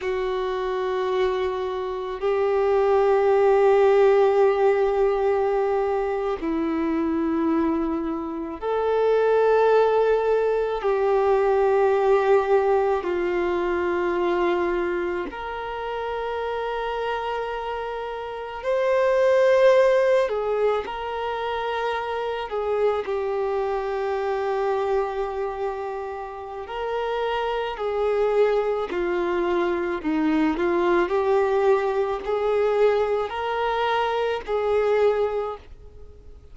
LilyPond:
\new Staff \with { instrumentName = "violin" } { \time 4/4 \tempo 4 = 54 fis'2 g'2~ | g'4.~ g'16 e'2 a'16~ | a'4.~ a'16 g'2 f'16~ | f'4.~ f'16 ais'2~ ais'16~ |
ais'8. c''4. gis'8 ais'4~ ais'16~ | ais'16 gis'8 g'2.~ g'16 | ais'4 gis'4 f'4 dis'8 f'8 | g'4 gis'4 ais'4 gis'4 | }